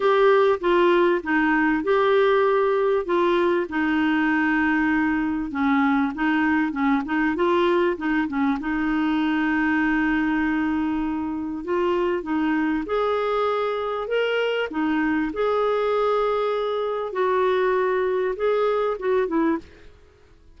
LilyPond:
\new Staff \with { instrumentName = "clarinet" } { \time 4/4 \tempo 4 = 98 g'4 f'4 dis'4 g'4~ | g'4 f'4 dis'2~ | dis'4 cis'4 dis'4 cis'8 dis'8 | f'4 dis'8 cis'8 dis'2~ |
dis'2. f'4 | dis'4 gis'2 ais'4 | dis'4 gis'2. | fis'2 gis'4 fis'8 e'8 | }